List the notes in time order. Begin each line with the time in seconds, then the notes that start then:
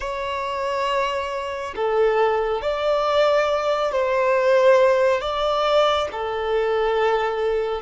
0.00 C#5
1.75 A4
2.61 D5
3.91 C5
5.21 D5
6.11 A4